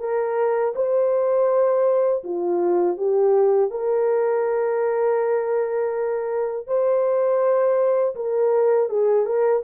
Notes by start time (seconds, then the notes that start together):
0.00 A#4
0.75 C5
2.24 F4
2.98 G4
3.71 A#4
6.67 C5
8.15 A#4
8.90 G#4
9.26 A#4